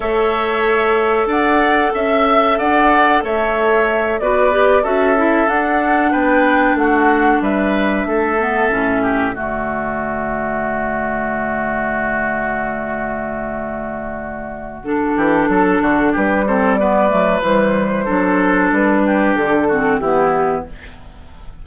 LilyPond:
<<
  \new Staff \with { instrumentName = "flute" } { \time 4/4 \tempo 4 = 93 e''2 fis''4 e''4 | fis''4 e''4. d''4 e''8~ | e''8 fis''4 g''4 fis''4 e''8~ | e''2~ e''8 d''4.~ |
d''1~ | d''2. a'4~ | a'4 b'8 c''8 d''4 c''4~ | c''4 b'4 a'4 g'4 | }
  \new Staff \with { instrumentName = "oboe" } { \time 4/4 cis''2 d''4 e''4 | d''4 cis''4. b'4 a'8~ | a'4. b'4 fis'4 b'8~ | b'8 a'4. g'8 fis'4.~ |
fis'1~ | fis'2.~ fis'8 g'8 | a'8 fis'8 g'8 a'8 b'2 | a'4. g'4 fis'8 e'4 | }
  \new Staff \with { instrumentName = "clarinet" } { \time 4/4 a'1~ | a'2~ a'8 fis'8 g'8 fis'8 | e'8 d'2.~ d'8~ | d'4 b8 cis'4 a4.~ |
a1~ | a2. d'4~ | d'4. c'8 b8 a8 g4 | d'2~ d'8 c'8 b4 | }
  \new Staff \with { instrumentName = "bassoon" } { \time 4/4 a2 d'4 cis'4 | d'4 a4. b4 cis'8~ | cis'8 d'4 b4 a4 g8~ | g8 a4 a,4 d4.~ |
d1~ | d2.~ d8 e8 | fis8 d8 g4. fis8 e4 | fis4 g4 d4 e4 | }
>>